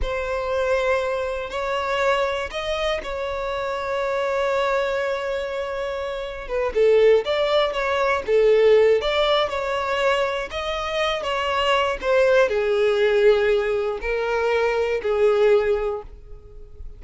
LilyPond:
\new Staff \with { instrumentName = "violin" } { \time 4/4 \tempo 4 = 120 c''2. cis''4~ | cis''4 dis''4 cis''2~ | cis''1~ | cis''4 b'8 a'4 d''4 cis''8~ |
cis''8 a'4. d''4 cis''4~ | cis''4 dis''4. cis''4. | c''4 gis'2. | ais'2 gis'2 | }